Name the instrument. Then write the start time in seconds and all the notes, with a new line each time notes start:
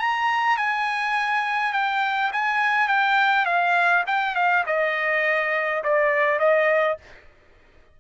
trumpet
0.00 A#5
0.58 G#5
1.73 G5
2.32 G#5
2.88 G5
3.46 F5
4.07 G5
4.35 F5
4.67 D#5
5.84 D5
6.39 D#5